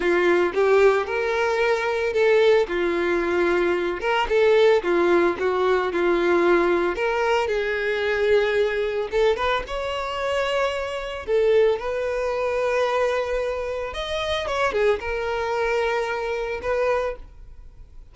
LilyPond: \new Staff \with { instrumentName = "violin" } { \time 4/4 \tempo 4 = 112 f'4 g'4 ais'2 | a'4 f'2~ f'8 ais'8 | a'4 f'4 fis'4 f'4~ | f'4 ais'4 gis'2~ |
gis'4 a'8 b'8 cis''2~ | cis''4 a'4 b'2~ | b'2 dis''4 cis''8 gis'8 | ais'2. b'4 | }